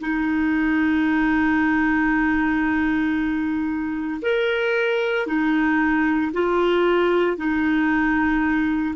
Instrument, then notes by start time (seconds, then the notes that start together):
clarinet
0.00 D#4
4.22 A#4
5.27 D#4
6.33 F4
7.37 D#4